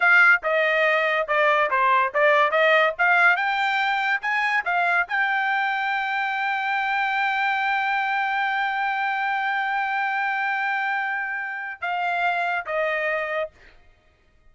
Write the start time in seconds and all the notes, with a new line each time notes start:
0.00 F5
0.43 D#5
1.27 D5
1.70 C5
2.13 D5
2.51 D#5
2.98 F5
3.36 G5
4.21 G#5
4.65 F5
5.07 G5
11.81 F5
12.65 D#5